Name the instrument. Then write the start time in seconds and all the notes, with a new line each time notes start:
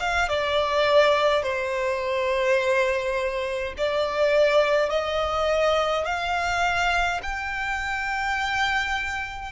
violin
0.00 F5
0.29 D5
1.44 C5
3.78 D5
4.90 D#5
6.06 F5
7.23 G5